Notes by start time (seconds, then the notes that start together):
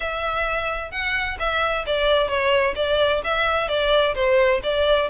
0.00 E5
0.91 F#5
1.39 E5
1.86 D5
2.28 C#5
2.75 D5
3.23 E5
3.68 D5
4.15 C5
4.63 D5